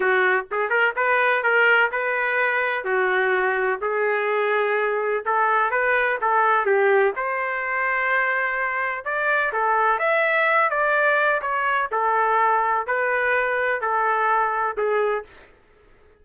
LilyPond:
\new Staff \with { instrumentName = "trumpet" } { \time 4/4 \tempo 4 = 126 fis'4 gis'8 ais'8 b'4 ais'4 | b'2 fis'2 | gis'2. a'4 | b'4 a'4 g'4 c''4~ |
c''2. d''4 | a'4 e''4. d''4. | cis''4 a'2 b'4~ | b'4 a'2 gis'4 | }